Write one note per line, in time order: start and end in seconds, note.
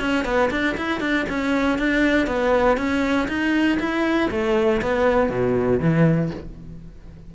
0.00 0.25 C#4
0.25 0.50 B3
0.51 0.76 D4
0.77 1.00 E4
1.00 1.25 D4
1.29 1.78 C#4
1.78 2.27 D4
2.27 2.77 B3
2.77 3.27 C#4
3.28 3.78 D#4
3.80 4.30 E4
4.31 4.81 A3
4.82 5.29 B3
5.29 5.80 B2
5.80 6.30 E3